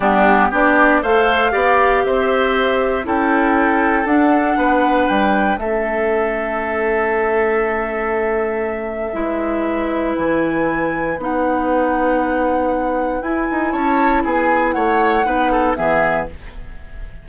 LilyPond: <<
  \new Staff \with { instrumentName = "flute" } { \time 4/4 \tempo 4 = 118 g'4 d''4 f''2 | e''2 g''2 | fis''2 g''4 e''4~ | e''1~ |
e''1 | gis''2 fis''2~ | fis''2 gis''4 a''4 | gis''4 fis''2 e''4 | }
  \new Staff \with { instrumentName = "oboe" } { \time 4/4 d'4 g'4 c''4 d''4 | c''2 a'2~ | a'4 b'2 a'4~ | a'1~ |
a'2 b'2~ | b'1~ | b'2. cis''4 | gis'4 cis''4 b'8 a'8 gis'4 | }
  \new Staff \with { instrumentName = "clarinet" } { \time 4/4 b4 d'4 a'4 g'4~ | g'2 e'2 | d'2. cis'4~ | cis'1~ |
cis'2 e'2~ | e'2 dis'2~ | dis'2 e'2~ | e'2 dis'4 b4 | }
  \new Staff \with { instrumentName = "bassoon" } { \time 4/4 g4 b4 a4 b4 | c'2 cis'2 | d'4 b4 g4 a4~ | a1~ |
a2 gis2 | e2 b2~ | b2 e'8 dis'8 cis'4 | b4 a4 b4 e4 | }
>>